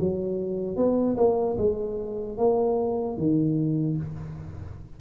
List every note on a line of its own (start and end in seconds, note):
0.00 0.77 F#3
0.77 1.17 B3
1.17 1.57 A#3
1.58 2.38 G#3
2.38 3.17 A#3
3.17 3.97 D#3